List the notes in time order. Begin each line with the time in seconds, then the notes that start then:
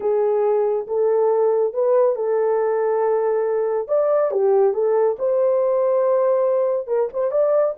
0.00 G#4
0.87 A4
1.73 B4
2.15 A4
3.88 D5
4.31 G4
4.73 A4
5.18 C5
6.87 A#4
7.13 C5
7.31 D5